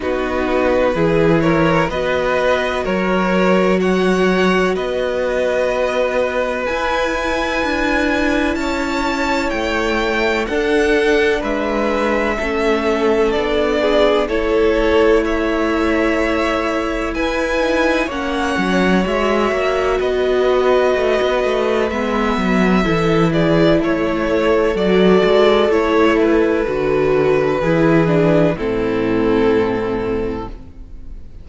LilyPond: <<
  \new Staff \with { instrumentName = "violin" } { \time 4/4 \tempo 4 = 63 b'4. cis''8 dis''4 cis''4 | fis''4 dis''2 gis''4~ | gis''4 a''4 g''4 fis''4 | e''2 d''4 cis''4 |
e''2 gis''4 fis''4 | e''4 dis''2 e''4~ | e''8 d''8 cis''4 d''4 cis''8 b'8~ | b'2 a'2 | }
  \new Staff \with { instrumentName = "violin" } { \time 4/4 fis'4 gis'8 ais'8 b'4 ais'4 | cis''4 b'2.~ | b'4 cis''2 a'4 | b'4 a'4. gis'8 a'4 |
cis''2 b'4 cis''4~ | cis''4 b'2. | a'8 gis'8 a'2.~ | a'4 gis'4 e'2 | }
  \new Staff \with { instrumentName = "viola" } { \time 4/4 dis'4 e'4 fis'2~ | fis'2. e'4~ | e'2. d'4~ | d'4 cis'4 d'4 e'4~ |
e'2~ e'8 dis'8 cis'4 | fis'2. b4 | e'2 fis'4 e'4 | fis'4 e'8 d'8 c'2 | }
  \new Staff \with { instrumentName = "cello" } { \time 4/4 b4 e4 b4 fis4~ | fis4 b2 e'4 | d'4 cis'4 a4 d'4 | gis4 a4 b4 a4~ |
a2 e'4 ais8 fis8 | gis8 ais8 b4 a16 b16 a8 gis8 fis8 | e4 a4 fis8 gis8 a4 | d4 e4 a,2 | }
>>